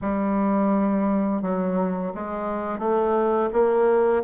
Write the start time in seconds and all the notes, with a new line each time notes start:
0.01 G3
1.42 F#3
2.14 G#3
2.79 A3
3.52 A#3